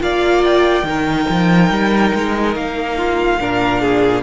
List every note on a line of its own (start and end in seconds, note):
0.00 0.83 A#3
0.00 0.85 F4
0.00 0.87 D5
0.00 0.44 F5
0.44 2.55 G5
0.83 1.25 D#3
0.83 3.38 D#4
0.83 2.97 A#4
1.30 1.70 F3
1.70 2.12 G3
2.14 2.56 G#3
2.56 3.39 A#3
2.56 4.23 F5
2.97 3.39 F4
3.39 4.23 A#2
3.39 4.23 D4
3.39 3.81 A#4
3.81 4.23 G#4